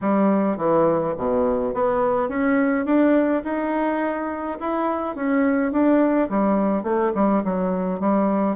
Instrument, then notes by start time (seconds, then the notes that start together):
bassoon
0.01 G3
0.57 E3
1.17 B2
1.74 B3
2.29 C#4
2.85 D4
3.44 D#4
4.60 E4
5.15 C#4
5.71 D4
6.29 G3
6.83 A3
7.14 G3
7.43 F#3
7.99 G3